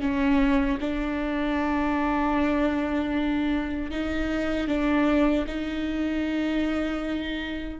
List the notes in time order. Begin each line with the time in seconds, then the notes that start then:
0.00 C#4
0.80 D4
3.91 D#4
4.67 D4
5.47 D#4